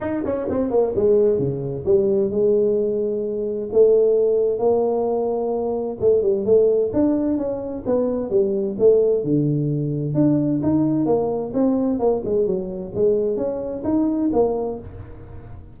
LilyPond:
\new Staff \with { instrumentName = "tuba" } { \time 4/4 \tempo 4 = 130 dis'8 cis'8 c'8 ais8 gis4 cis4 | g4 gis2. | a2 ais2~ | ais4 a8 g8 a4 d'4 |
cis'4 b4 g4 a4 | d2 d'4 dis'4 | ais4 c'4 ais8 gis8 fis4 | gis4 cis'4 dis'4 ais4 | }